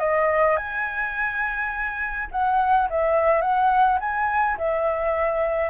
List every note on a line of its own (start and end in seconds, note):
0.00 0.57 D#5
0.57 2.29 G#5
2.32 2.89 F#5
2.90 3.42 E5
3.42 3.99 F#5
4.01 4.58 G#5
4.58 5.71 E5